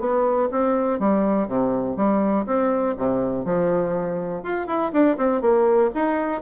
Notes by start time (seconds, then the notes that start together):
0.00 B3
0.52 C4
1.00 G3
1.48 C3
1.97 G3
2.47 C4
2.98 C3
3.45 F3
4.43 F4
4.67 E4
4.93 D4
5.18 C4
5.42 A#3
5.95 D#4